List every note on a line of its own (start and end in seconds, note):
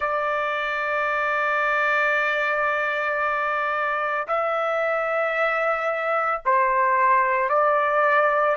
0.00 4.27 D5
4.27 6.41 E5
6.45 7.49 C5
7.49 8.56 D5